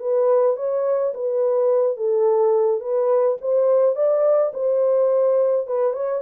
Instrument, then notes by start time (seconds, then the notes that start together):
horn
0.00 B4
0.57 C#5
1.14 B4
1.97 A4
2.81 B4
3.41 C5
3.96 D5
4.54 C5
5.67 B4
5.94 C#5